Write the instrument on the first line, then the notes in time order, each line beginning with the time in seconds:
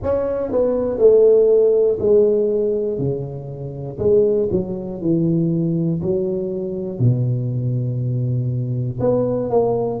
tuba
0.02 C#4
0.51 B3
0.98 A3
2.00 G#3
2.98 C#3
3.99 G#3
4.51 F#3
5.01 E3
6.01 F#3
6.99 B2
9.00 B3
9.50 A#3